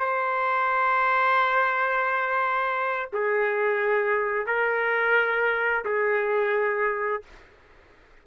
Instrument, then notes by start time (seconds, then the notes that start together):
trumpet
0.00 C5
3.13 G#4
4.47 A#4
5.85 G#4